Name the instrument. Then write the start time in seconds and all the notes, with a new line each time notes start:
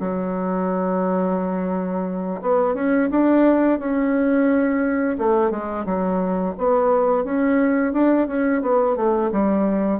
bassoon
0.00 F#3
2.42 B3
2.75 C#4
3.11 D4
3.79 C#4
5.18 A3
5.51 G#3
5.86 F#3
6.58 B3
7.24 C#4
7.93 D4
8.28 C#4
8.62 B3
8.97 A3
9.32 G3